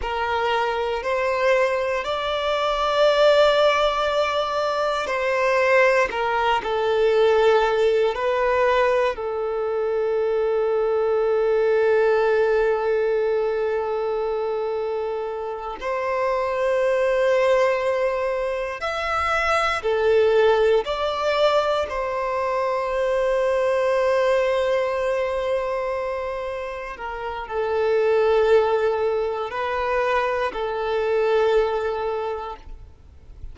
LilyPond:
\new Staff \with { instrumentName = "violin" } { \time 4/4 \tempo 4 = 59 ais'4 c''4 d''2~ | d''4 c''4 ais'8 a'4. | b'4 a'2.~ | a'2.~ a'8 c''8~ |
c''2~ c''8 e''4 a'8~ | a'8 d''4 c''2~ c''8~ | c''2~ c''8 ais'8 a'4~ | a'4 b'4 a'2 | }